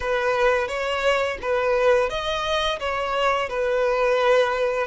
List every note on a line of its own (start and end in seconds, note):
0.00 0.68 B4
0.68 1.38 C#5
1.41 2.09 B4
2.09 2.79 D#5
2.79 3.49 C#5
3.49 4.87 B4